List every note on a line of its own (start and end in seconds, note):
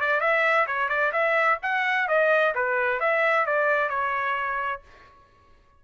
0.00 0.20 D5
0.20 0.66 E5
0.67 0.89 C#5
0.89 1.12 D5
1.12 1.58 E5
1.62 2.08 F#5
2.08 2.54 D#5
2.54 3.00 B4
3.00 3.46 E5
3.46 3.89 D5
3.89 4.81 C#5